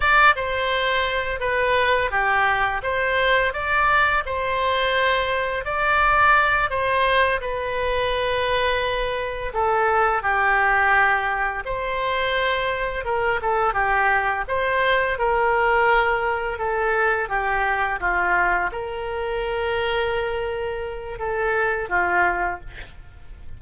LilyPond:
\new Staff \with { instrumentName = "oboe" } { \time 4/4 \tempo 4 = 85 d''8 c''4. b'4 g'4 | c''4 d''4 c''2 | d''4. c''4 b'4.~ | b'4. a'4 g'4.~ |
g'8 c''2 ais'8 a'8 g'8~ | g'8 c''4 ais'2 a'8~ | a'8 g'4 f'4 ais'4.~ | ais'2 a'4 f'4 | }